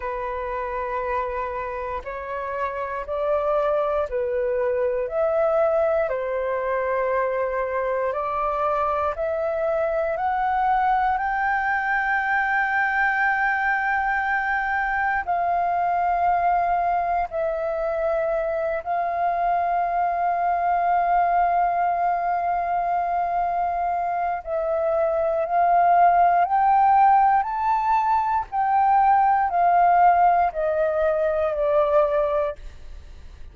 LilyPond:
\new Staff \with { instrumentName = "flute" } { \time 4/4 \tempo 4 = 59 b'2 cis''4 d''4 | b'4 e''4 c''2 | d''4 e''4 fis''4 g''4~ | g''2. f''4~ |
f''4 e''4. f''4.~ | f''1 | e''4 f''4 g''4 a''4 | g''4 f''4 dis''4 d''4 | }